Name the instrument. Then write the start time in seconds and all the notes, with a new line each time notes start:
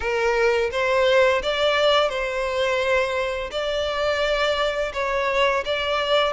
violin
0.00 A#4
0.71 C5
1.42 D5
2.09 C5
3.51 D5
4.93 C#5
5.65 D5